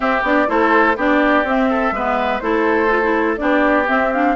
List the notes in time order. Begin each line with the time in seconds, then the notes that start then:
0.00 C4 G4 E5
0.22 B3 D4 D5
0.47 A3 E4 A4 C5
0.96 B3 D4 G4 D5
1.44 C4 E5
1.69 A4
1.91 G#3 B3 B4
2.39 A3 E4 A4 C5
2.89 F4
3.02 E4
3.37 B3 D4 G4 D5
3.86 C4 E5
4.12 D4 F5